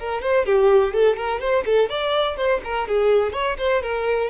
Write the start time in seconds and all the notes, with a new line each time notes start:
0.00 A#4
0.22 C5
0.46 G4
0.94 A4
1.17 A#4
1.41 C5
1.66 A4
1.90 D5
2.37 C5
2.65 A#4
2.88 G#4
3.33 C#5
3.59 C5
3.83 A#4